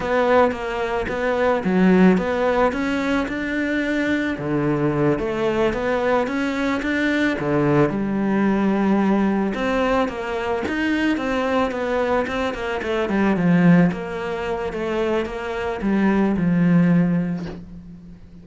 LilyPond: \new Staff \with { instrumentName = "cello" } { \time 4/4 \tempo 4 = 110 b4 ais4 b4 fis4 | b4 cis'4 d'2 | d4. a4 b4 cis'8~ | cis'8 d'4 d4 g4.~ |
g4. c'4 ais4 dis'8~ | dis'8 c'4 b4 c'8 ais8 a8 | g8 f4 ais4. a4 | ais4 g4 f2 | }